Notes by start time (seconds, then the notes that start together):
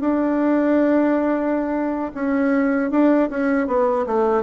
0.00 D4
2.14 C#4
2.91 D4
3.30 C#4
3.67 B3
4.06 A3